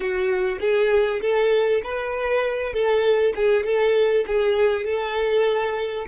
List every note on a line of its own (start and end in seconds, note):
0.00 0.59 F#4
0.60 1.20 G#4
1.21 1.82 A4
1.83 2.73 B4
2.73 3.33 A4
3.35 3.64 G#4
3.64 4.25 A4
4.26 4.85 G#4
4.85 6.06 A4